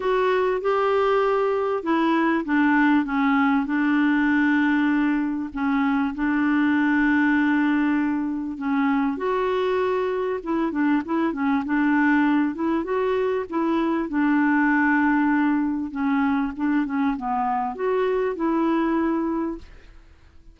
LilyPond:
\new Staff \with { instrumentName = "clarinet" } { \time 4/4 \tempo 4 = 98 fis'4 g'2 e'4 | d'4 cis'4 d'2~ | d'4 cis'4 d'2~ | d'2 cis'4 fis'4~ |
fis'4 e'8 d'8 e'8 cis'8 d'4~ | d'8 e'8 fis'4 e'4 d'4~ | d'2 cis'4 d'8 cis'8 | b4 fis'4 e'2 | }